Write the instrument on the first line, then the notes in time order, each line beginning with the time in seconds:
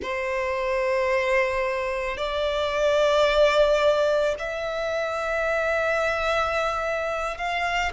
violin
0.02 C5
2.17 D5
4.38 E5
7.37 F5